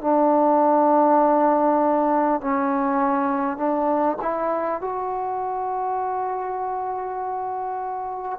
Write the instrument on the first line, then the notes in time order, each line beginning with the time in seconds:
trombone
0.00 D4
2.41 C#4
3.57 D4
4.21 E4
4.81 F#4